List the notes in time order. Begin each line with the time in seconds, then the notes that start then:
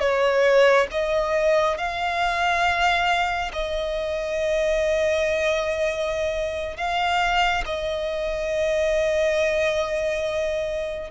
0.00 C#5
0.91 D#5
1.77 F5
3.53 D#5
6.77 F5
7.66 D#5